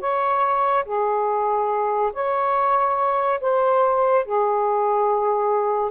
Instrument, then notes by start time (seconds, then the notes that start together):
saxophone
0.00 C#5
0.85 G#4
2.13 C#5
3.41 C5
4.25 G#4